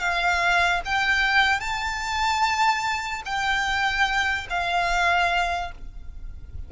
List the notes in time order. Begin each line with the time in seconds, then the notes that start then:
0.00 F5
0.86 G5
1.60 A5
3.26 G5
4.50 F5